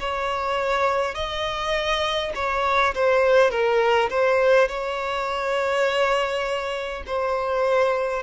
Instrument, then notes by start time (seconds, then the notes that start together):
violin
0.00 C#5
1.14 D#5
2.35 C#5
2.95 C5
3.51 A#4
4.10 C5
4.68 C#5
7.07 C5